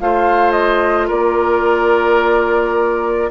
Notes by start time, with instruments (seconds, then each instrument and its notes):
0.00 bassoon A3, clarinet F4, oboe C5, flute F5
0.52 flute D#5
1.08 bassoon A#3, oboe A#4, flute D5